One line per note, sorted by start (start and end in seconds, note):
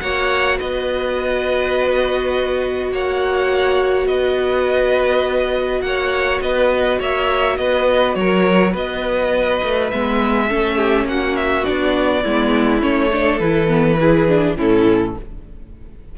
0.00 0.60 A#3
0.00 9.91 F#4
0.00 0.57 C#5
0.00 0.58 F#5
0.57 2.91 B3
0.57 2.90 B4
0.57 2.92 D#5
2.91 4.06 A#3
2.91 4.08 C#5
2.91 4.07 F#5
4.06 5.81 B3
4.06 5.82 B4
4.06 5.81 D#5
5.81 6.40 A#3
5.81 6.43 C#5
5.81 6.40 F#5
6.41 6.99 B3
6.41 6.99 B4
6.41 7.00 D#5
6.99 7.58 A#3
6.99 7.57 C#5
6.99 7.57 E5
7.57 8.15 B3
7.57 8.17 B4
7.57 8.15 D#5
8.15 8.74 F#3
8.15 8.71 A#4
8.15 8.73 C#5
8.71 9.61 B3
8.71 10.46 B4
8.71 9.90 D#5
9.63 9.92 A3
9.90 10.51 G#3
9.90 10.49 B3
9.90 11.07 E5
10.49 11.04 A3
10.49 11.65 C#4
10.49 10.76 A4
10.76 11.05 G4
11.04 11.63 A#3
11.04 12.23 F#4
11.04 11.36 F#5
11.36 11.64 E5
11.64 12.25 B3
11.64 12.23 D4
11.64 12.81 D5
12.23 12.82 G#3
12.23 12.81 B3
12.23 13.10 E4
12.81 13.40 A3
12.81 13.10 C#4
12.81 13.39 C#5
13.11 13.41 D4
13.11 13.99 A4
13.39 14.56 E3
13.39 13.67 E4
13.39 14.55 B4
13.67 13.96 B3
14.00 14.28 E4
14.00 14.58 G#4
14.28 14.57 D4
14.57 15.16 A2
14.57 15.15 C#4
14.57 15.16 E4
14.57 15.18 A4